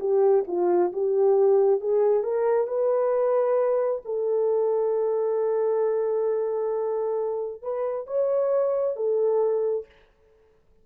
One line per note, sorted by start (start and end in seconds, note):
0.00 0.45 G4
0.47 0.92 F4
0.93 1.81 G4
1.81 2.24 G#4
2.24 2.68 A#4
2.68 4.02 B4
4.05 7.62 A4
7.62 8.07 B4
8.07 8.96 C#5
8.96 9.86 A4